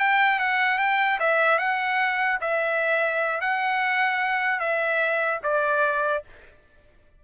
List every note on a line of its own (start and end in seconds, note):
0.00 0.39 G5
0.39 0.79 F#5
0.79 1.19 G5
1.20 1.59 E5
1.59 2.39 F#5
2.41 3.41 E5
3.41 4.60 F#5
4.60 5.41 E5
5.43 6.24 D5